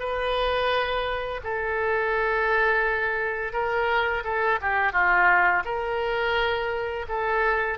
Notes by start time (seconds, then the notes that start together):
0.00 B4
1.44 A4
3.53 A#4
4.24 A4
4.62 G4
4.93 F4
5.65 A#4
7.09 A4